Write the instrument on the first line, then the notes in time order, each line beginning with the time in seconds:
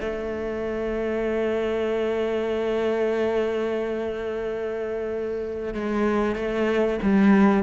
cello
0.00 A3
5.74 G#3
6.35 A3
7.02 G3